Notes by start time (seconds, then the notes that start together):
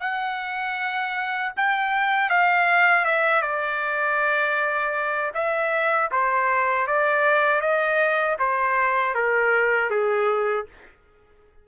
0.00 F#5
1.56 G5
2.30 F5
3.05 E5
3.42 D5
5.34 E5
6.11 C5
6.87 D5
7.61 D#5
8.39 C5
9.14 A#4
9.90 G#4